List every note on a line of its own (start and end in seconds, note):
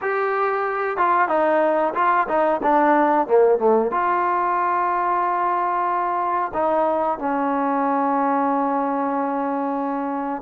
0.01 0.97 G4
0.97 1.28 F4
1.28 1.93 D#4
1.94 2.27 F4
2.28 2.61 D#4
2.62 3.27 D4
3.27 3.58 A#3
3.58 3.91 A3
3.91 6.52 F4
6.53 7.18 D#4
7.18 10.42 C#4